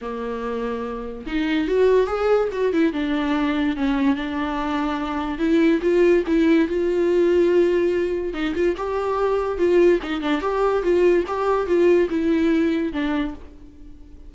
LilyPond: \new Staff \with { instrumentName = "viola" } { \time 4/4 \tempo 4 = 144 ais2. dis'4 | fis'4 gis'4 fis'8 e'8 d'4~ | d'4 cis'4 d'2~ | d'4 e'4 f'4 e'4 |
f'1 | dis'8 f'8 g'2 f'4 | dis'8 d'8 g'4 f'4 g'4 | f'4 e'2 d'4 | }